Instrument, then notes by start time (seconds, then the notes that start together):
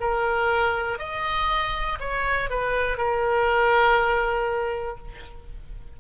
oboe
0.00 A#4
0.99 D#5
2.00 C#5
2.50 B4
2.98 A#4